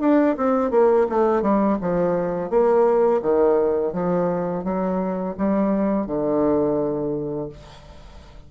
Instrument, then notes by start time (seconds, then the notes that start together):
bassoon
0.00 D4
0.37 C4
0.71 A#3
1.09 A3
1.42 G3
1.81 F3
2.50 A#3
3.22 D#3
3.93 F3
4.64 F#3
5.37 G3
6.06 D3